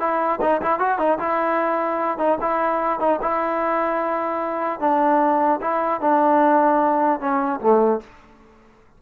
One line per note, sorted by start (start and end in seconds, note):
0.00 0.40 E4
0.42 0.62 D#4
0.62 0.80 E4
0.80 0.99 F#4
0.99 1.19 D#4
1.19 2.18 E4
2.18 2.38 D#4
2.41 3.00 E4
3.00 3.20 D#4
3.22 4.80 E4
4.80 5.60 D4
5.61 6.01 E4
6.01 7.20 D4
7.20 7.60 C#4
7.61 8.01 A3